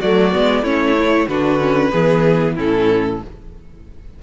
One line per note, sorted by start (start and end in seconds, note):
0.00 0.35 F#3
0.00 0.32 A3
0.00 0.63 F#4
0.00 0.65 D5
0.32 0.63 G#3
0.32 0.64 B3
0.63 1.27 A3
0.63 0.96 C#4
0.63 1.27 E4
0.63 1.28 C#5
0.98 1.30 E4
1.28 1.92 D3
1.28 1.60 D4
1.28 1.91 F#4
1.28 2.56 B4
1.60 1.92 C#4
1.91 2.58 E3
1.91 2.57 B3
1.91 2.55 G#4
2.55 3.22 A2
2.55 3.21 C#4
2.55 3.19 E4
2.55 3.23 A4